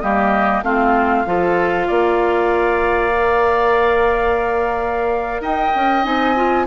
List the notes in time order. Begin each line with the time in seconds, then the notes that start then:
0.00 G3 A#3 G4 D#5
0.62 A3 C4 F4 F5
1.26 F3 F4 A4
1.87 A#3 D5
3.11 A#4
5.41 D#4 D#5 G5
5.75 C#4
6.03 C4 D#4 G#5
6.35 F4